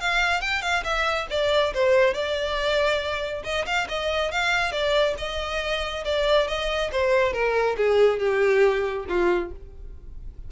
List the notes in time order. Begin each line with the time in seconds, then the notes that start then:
0.00 F5
0.41 G5
0.62 F5
0.84 E5
1.30 D5
1.74 C5
2.14 D5
3.44 D#5
3.66 F5
3.89 D#5
4.31 F5
4.72 D5
5.18 D#5
6.05 D5
6.48 D#5
6.92 C5
7.33 A#4
7.77 G#4
8.19 G4
9.08 F4